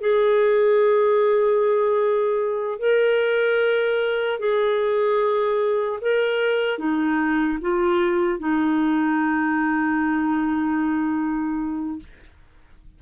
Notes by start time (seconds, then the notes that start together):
0.00 G#4
2.79 A#4
4.39 G#4
6.01 A#4
6.78 D#4
7.61 F4
8.39 D#4